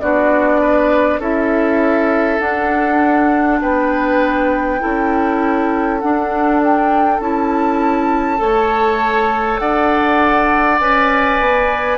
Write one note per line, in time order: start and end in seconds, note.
0.00 1.19 B3
0.00 1.21 D4
0.00 0.61 F#4
0.00 1.20 D5
0.61 1.19 B4
1.19 2.39 C#4
1.19 2.39 E4
1.19 3.59 A4
1.19 2.40 E5
2.39 4.79 D4
2.39 3.60 D4
2.39 3.60 F#5
3.60 4.81 B3
3.60 4.81 B4
3.60 6.00 G5
4.79 6.03 C#4
4.79 6.00 E4
4.79 8.41 A4
6.00 7.21 D4
6.00 7.20 D4
6.00 6.60 F#5
6.63 7.20 G5
7.20 8.39 C#4
7.20 8.37 E4
7.20 9.59 A5
8.37 9.60 A3
8.37 10.77 A4
8.37 9.61 C#5
9.59 10.80 D4
9.59 11.98 D5
9.59 10.79 F#5
10.79 11.40 C#4
10.79 11.98 B4
10.79 11.98 G#5
11.40 11.98 B3